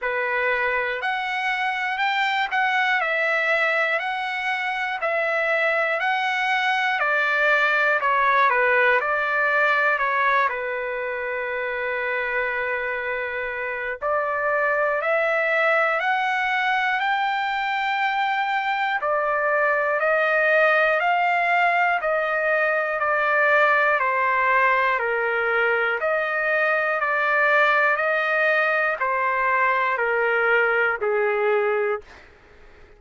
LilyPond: \new Staff \with { instrumentName = "trumpet" } { \time 4/4 \tempo 4 = 60 b'4 fis''4 g''8 fis''8 e''4 | fis''4 e''4 fis''4 d''4 | cis''8 b'8 d''4 cis''8 b'4.~ | b'2 d''4 e''4 |
fis''4 g''2 d''4 | dis''4 f''4 dis''4 d''4 | c''4 ais'4 dis''4 d''4 | dis''4 c''4 ais'4 gis'4 | }